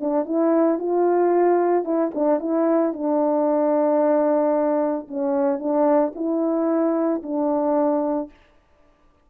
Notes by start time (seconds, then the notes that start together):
0.00 D4
0.25 E4
0.79 F4
1.84 E4
2.15 D4
2.39 E4
2.93 D4
5.08 C#4
5.59 D4
6.15 E4
7.23 D4